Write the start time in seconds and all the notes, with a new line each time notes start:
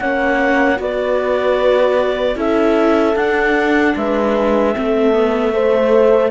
0.00 A#3 C#4 C#5 F#5
0.77 B3 F#4 B4 D5
2.36 C#4 E4 A4 E5
3.16 D4 F#5
3.96 G#3 B4 E5
4.74 A3 C4 A4
5.13 B3
5.53 A3 C5